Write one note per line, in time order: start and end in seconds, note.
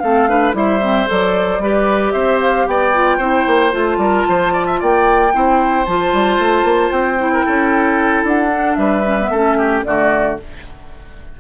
0.00 0.54 A3
0.00 0.29 C4
0.00 0.30 A4
0.00 0.53 F5
0.29 0.54 D4
0.29 0.56 B4
0.54 1.07 G3
0.54 0.80 E4
0.54 1.63 C5
0.54 1.10 E5
0.82 1.08 C4
1.08 1.59 F#3
1.08 1.61 A4
1.08 2.12 D5
1.59 2.12 G3
1.59 2.95 G4
1.59 2.14 B4
2.12 2.67 C4
2.12 2.67 C5
2.12 2.39 E5
2.41 2.68 F5
2.67 3.19 B3
2.67 3.18 D5
2.67 3.74 G5
2.95 3.21 F4
3.18 3.45 C4
3.18 3.72 E4
3.18 3.98 C5
3.47 3.74 A#3
3.72 3.98 A3
3.72 5.31 F4
3.72 4.82 A5
3.98 4.24 G3
3.98 4.28 A#4
4.29 4.82 F3
4.29 4.54 C5
4.54 4.67 D5
4.67 4.80 E5
4.80 5.34 A#3
4.80 5.33 D5
4.80 5.86 G5
5.34 5.87 C4
5.34 5.87 E4
5.34 7.33 C5
5.86 6.13 F3
5.86 7.19 F4
5.86 6.92 A5
6.13 6.39 G3
6.39 6.64 A3
6.64 6.91 A#3
6.92 7.45 C4
6.92 8.25 G5
7.19 8.51 E4
7.33 7.46 A#4
7.46 8.24 C#4
7.46 8.78 A4
8.24 8.77 D4
8.24 8.75 F#5
8.51 9.05 D4
8.75 9.31 G3
8.75 9.31 B4
8.75 9.82 E5
9.05 9.19 C#4
9.21 9.34 B3
9.31 9.84 A3
9.31 9.86 C#4
9.31 9.58 A4
9.58 9.85 G4
9.85 10.40 D3
9.85 10.39 A3
9.85 10.41 F#4
9.85 10.38 D5